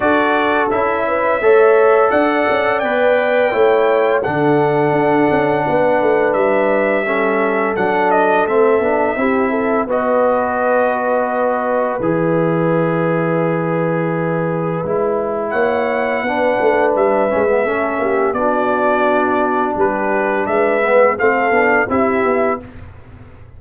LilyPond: <<
  \new Staff \with { instrumentName = "trumpet" } { \time 4/4 \tempo 4 = 85 d''4 e''2 fis''4 | g''2 fis''2~ | fis''4 e''2 fis''8 dis''8 | e''2 dis''2~ |
dis''4 e''2.~ | e''2 fis''2 | e''2 d''2 | b'4 e''4 f''4 e''4 | }
  \new Staff \with { instrumentName = "horn" } { \time 4/4 a'4. b'8 cis''4 d''4~ | d''4 cis''4 a'2 | b'2 a'2~ | a'4 g'8 a'8 b'2~ |
b'1~ | b'2 cis''4 b'4~ | b'4 a'8 g'8 fis'2 | g'4 b'4 a'4 g'4 | }
  \new Staff \with { instrumentName = "trombone" } { \time 4/4 fis'4 e'4 a'2 | b'4 e'4 d'2~ | d'2 cis'4 d'4 | c'8 d'8 e'4 fis'2~ |
fis'4 gis'2.~ | gis'4 e'2 d'4~ | d'8 cis'16 b16 cis'4 d'2~ | d'4. b8 c'8 d'8 e'4 | }
  \new Staff \with { instrumentName = "tuba" } { \time 4/4 d'4 cis'4 a4 d'8 cis'8 | b4 a4 d4 d'8 cis'8 | b8 a8 g2 fis4 | a8 b8 c'4 b2~ |
b4 e2.~ | e4 gis4 ais4 b8 a8 | g8 gis8 a8 ais8 b2 | g4 gis4 a8 b8 c'8 b8 | }
>>